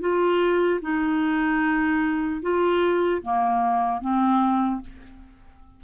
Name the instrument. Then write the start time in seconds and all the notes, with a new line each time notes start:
clarinet
0.00 F4
0.81 D#4
2.41 F4
3.22 A#3
4.01 C4